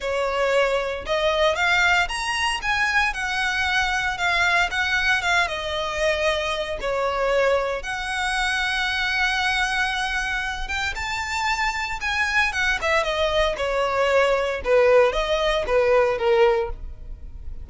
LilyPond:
\new Staff \with { instrumentName = "violin" } { \time 4/4 \tempo 4 = 115 cis''2 dis''4 f''4 | ais''4 gis''4 fis''2 | f''4 fis''4 f''8 dis''4.~ | dis''4 cis''2 fis''4~ |
fis''1~ | fis''8 g''8 a''2 gis''4 | fis''8 e''8 dis''4 cis''2 | b'4 dis''4 b'4 ais'4 | }